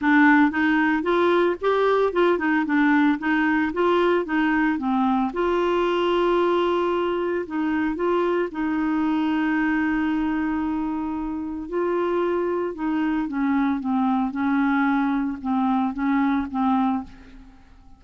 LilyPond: \new Staff \with { instrumentName = "clarinet" } { \time 4/4 \tempo 4 = 113 d'4 dis'4 f'4 g'4 | f'8 dis'8 d'4 dis'4 f'4 | dis'4 c'4 f'2~ | f'2 dis'4 f'4 |
dis'1~ | dis'2 f'2 | dis'4 cis'4 c'4 cis'4~ | cis'4 c'4 cis'4 c'4 | }